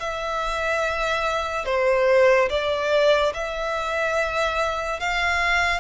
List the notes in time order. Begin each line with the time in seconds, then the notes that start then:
0.00 E5
1.66 C5
2.50 D5
3.34 E5
5.00 F5